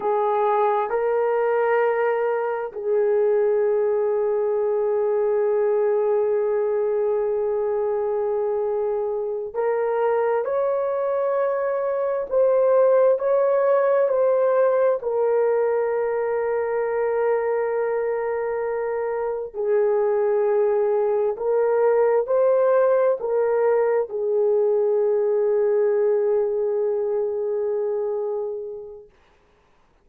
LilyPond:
\new Staff \with { instrumentName = "horn" } { \time 4/4 \tempo 4 = 66 gis'4 ais'2 gis'4~ | gis'1~ | gis'2~ gis'8 ais'4 cis''8~ | cis''4. c''4 cis''4 c''8~ |
c''8 ais'2.~ ais'8~ | ais'4. gis'2 ais'8~ | ais'8 c''4 ais'4 gis'4.~ | gis'1 | }